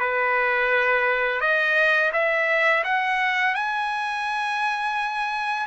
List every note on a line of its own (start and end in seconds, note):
0.00 1.41 B4
1.41 2.11 D#5
2.13 2.84 E5
2.85 3.55 F#5
3.55 5.67 G#5